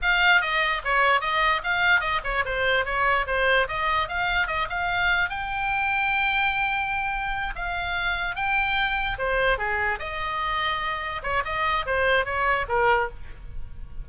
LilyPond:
\new Staff \with { instrumentName = "oboe" } { \time 4/4 \tempo 4 = 147 f''4 dis''4 cis''4 dis''4 | f''4 dis''8 cis''8 c''4 cis''4 | c''4 dis''4 f''4 dis''8 f''8~ | f''4 g''2.~ |
g''2~ g''8 f''4.~ | f''8 g''2 c''4 gis'8~ | gis'8 dis''2. cis''8 | dis''4 c''4 cis''4 ais'4 | }